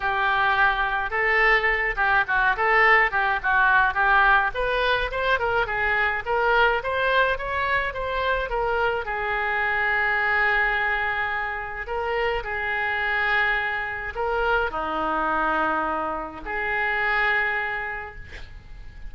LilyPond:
\new Staff \with { instrumentName = "oboe" } { \time 4/4 \tempo 4 = 106 g'2 a'4. g'8 | fis'8 a'4 g'8 fis'4 g'4 | b'4 c''8 ais'8 gis'4 ais'4 | c''4 cis''4 c''4 ais'4 |
gis'1~ | gis'4 ais'4 gis'2~ | gis'4 ais'4 dis'2~ | dis'4 gis'2. | }